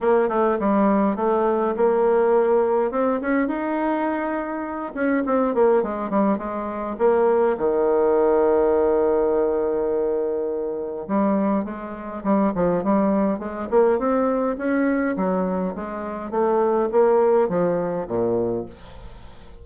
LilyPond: \new Staff \with { instrumentName = "bassoon" } { \time 4/4 \tempo 4 = 103 ais8 a8 g4 a4 ais4~ | ais4 c'8 cis'8 dis'2~ | dis'8 cis'8 c'8 ais8 gis8 g8 gis4 | ais4 dis2.~ |
dis2. g4 | gis4 g8 f8 g4 gis8 ais8 | c'4 cis'4 fis4 gis4 | a4 ais4 f4 ais,4 | }